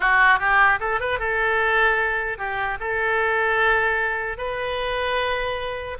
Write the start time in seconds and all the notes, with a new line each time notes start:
0.00 F#4
0.39 G4
0.80 A4
1.00 B4
1.19 A4
2.37 G4
2.80 A4
4.37 B4